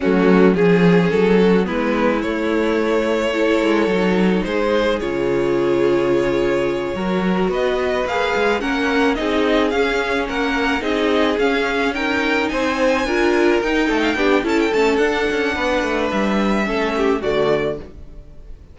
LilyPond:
<<
  \new Staff \with { instrumentName = "violin" } { \time 4/4 \tempo 4 = 108 fis'4 gis'4 a'4 b'4 | cis''1 | c''4 cis''2.~ | cis''4. dis''4 f''4 fis''8~ |
fis''8 dis''4 f''4 fis''4 dis''8~ | dis''8 f''4 g''4 gis''4.~ | gis''8 g''4. a''16 g''16 a''8 fis''4~ | fis''4 e''2 d''4 | }
  \new Staff \with { instrumentName = "violin" } { \time 4/4 cis'4 gis'4. fis'8 e'4~ | e'2 a'2 | gis'1~ | gis'8 ais'4 b'2 ais'8~ |
ais'8 gis'2 ais'4 gis'8~ | gis'4. ais'4 c''4 ais'8~ | ais'4 a'16 f''16 g'8 a'2 | b'2 a'8 g'8 fis'4 | }
  \new Staff \with { instrumentName = "viola" } { \time 4/4 a4 cis'2 b4 | a2 e'4 dis'4~ | dis'4 f'2.~ | f'8 fis'2 gis'4 cis'8~ |
cis'8 dis'4 cis'2 dis'8~ | dis'8 cis'4 dis'2 f'8~ | f'8 dis'4 d'8 e'8 cis'8 d'4~ | d'2 cis'4 a4 | }
  \new Staff \with { instrumentName = "cello" } { \time 4/4 fis4 f4 fis4 gis4 | a2~ a8 gis8 fis4 | gis4 cis2.~ | cis8 fis4 b4 ais8 gis8 ais8~ |
ais8 c'4 cis'4 ais4 c'8~ | c'8 cis'2 c'4 d'8~ | d'8 dis'8 a8 b8 cis'8 a8 d'8 cis'8 | b8 a8 g4 a4 d4 | }
>>